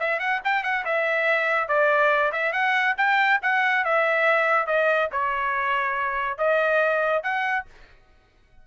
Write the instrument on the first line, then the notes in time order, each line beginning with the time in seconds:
trumpet
0.00 E5
0.20 F#5
0.44 G5
0.64 F#5
0.85 E5
1.68 D5
2.32 E5
2.53 F#5
2.98 G5
3.43 F#5
3.85 E5
4.67 D#5
5.12 C#5
6.38 D#5
7.23 F#5